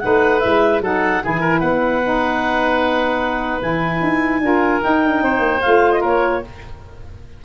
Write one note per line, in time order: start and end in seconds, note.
0.00 0.45 A3
0.00 0.42 D#4
0.00 0.83 B4
0.00 0.40 F#5
0.40 0.81 G#3
0.40 0.82 E4
0.40 0.80 E5
0.81 1.21 F#3
0.81 1.23 D#4
0.81 1.23 A4
0.81 1.25 F#5
1.23 1.61 E3
1.23 2.03 E4
1.23 1.41 G#4
1.23 1.60 G#5
1.41 1.60 A#4
1.60 3.61 B3
1.60 4.40 B4
1.60 3.60 F#5
2.03 3.62 D#4
3.62 4.02 E3
3.62 4.42 E4
3.62 4.83 G#5
4.02 4.41 D#4
4.41 4.81 D4
4.41 4.81 F4
4.41 5.24 A#4
4.81 5.61 D#4
4.81 5.06 D#4
4.81 5.62 G5
5.06 5.22 D4
5.22 5.39 C4
5.22 6.01 C5
5.39 5.59 A#3
5.62 6.03 A3
5.62 6.44 F4
5.62 5.92 F5
5.92 6.02 D#5
6.01 6.43 A#3
6.01 6.41 A#4
6.01 6.45 C#5